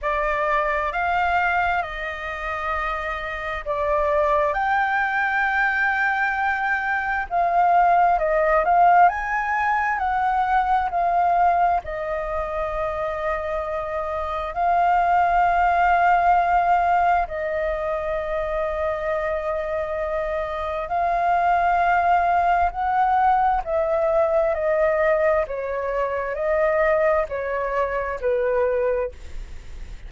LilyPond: \new Staff \with { instrumentName = "flute" } { \time 4/4 \tempo 4 = 66 d''4 f''4 dis''2 | d''4 g''2. | f''4 dis''8 f''8 gis''4 fis''4 | f''4 dis''2. |
f''2. dis''4~ | dis''2. f''4~ | f''4 fis''4 e''4 dis''4 | cis''4 dis''4 cis''4 b'4 | }